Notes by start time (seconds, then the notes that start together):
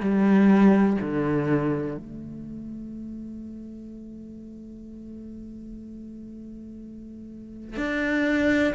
0.00 G3
1.01 D3
1.98 A3
7.77 D4